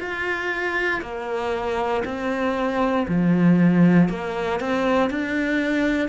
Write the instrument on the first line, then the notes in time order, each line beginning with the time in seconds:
cello
0.00 F4
1.02 A#3
2.05 C4
3.09 F3
4.10 A#3
4.60 C4
5.10 D4